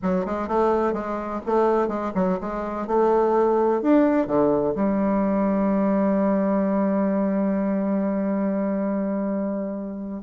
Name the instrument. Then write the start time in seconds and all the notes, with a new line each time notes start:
bassoon
0.02 F#3
0.25 G#3
0.48 A3
0.93 G#3
1.45 A3
1.88 G#3
2.15 F#3
2.40 G#3
2.87 A3
3.82 D4
4.27 D3
4.75 G3